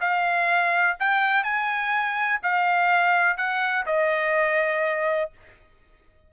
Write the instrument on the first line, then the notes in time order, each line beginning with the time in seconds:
trumpet
0.00 F5
0.99 G5
1.43 G#5
2.42 F5
3.37 F#5
3.86 D#5